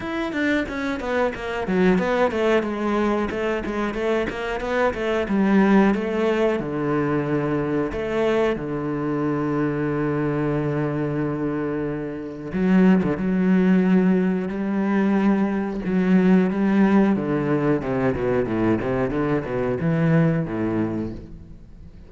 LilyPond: \new Staff \with { instrumentName = "cello" } { \time 4/4 \tempo 4 = 91 e'8 d'8 cis'8 b8 ais8 fis8 b8 a8 | gis4 a8 gis8 a8 ais8 b8 a8 | g4 a4 d2 | a4 d2.~ |
d2. fis8. d16 | fis2 g2 | fis4 g4 d4 c8 b,8 | a,8 c8 d8 b,8 e4 a,4 | }